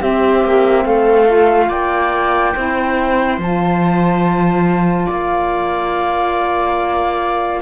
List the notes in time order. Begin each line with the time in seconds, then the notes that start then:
0.00 C4 G4 E5
0.44 A#3
0.86 A3 A4 F5
1.27 F4
1.69 A#3 D5 G5
2.54 C4 E4 C5
3.38 F3 F4 A5
5.07 A#3 D5 F5